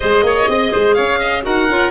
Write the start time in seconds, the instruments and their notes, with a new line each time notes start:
0.00 tuba G#3, clarinet G#4, oboe C5, violin D#5
0.22 tuba A#3, oboe C#5
0.48 tuba C4, oboe D#5
0.71 tuba G#3, oboe C5
0.94 tuba C#4, oboe C#5, violin F5
1.19 oboe D#5
1.42 tuba D#4, clarinet F#4, oboe A#4, violin F#5
1.69 tuba C#4, clarinet F4